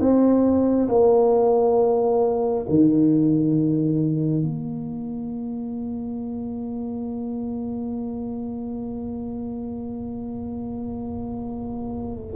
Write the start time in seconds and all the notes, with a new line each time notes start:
0.00 C4
0.89 A#3
2.69 D#3
4.43 A#3